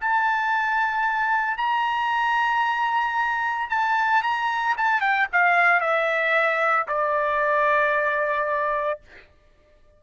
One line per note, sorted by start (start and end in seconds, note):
0.00 1.57 A5
1.57 3.69 A#5
3.70 4.23 A5
4.23 4.76 A#5
4.77 5.00 A5
5.00 5.27 G5
5.32 5.80 F5
5.80 6.86 E5
6.87 9.00 D5